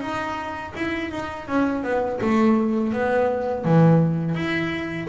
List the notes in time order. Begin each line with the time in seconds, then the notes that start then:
0.00 D#4
0.75 E4
1.11 D#4
1.47 C#4
1.83 B3
2.21 A3
2.92 B3
3.64 E3
4.34 E4